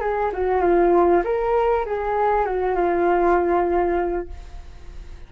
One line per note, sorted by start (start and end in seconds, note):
0.00 0.31 G#4
0.33 0.61 F#4
0.61 1.22 F4
1.24 1.85 A#4
1.86 2.45 G#4
2.45 2.75 F#4
2.75 4.28 F4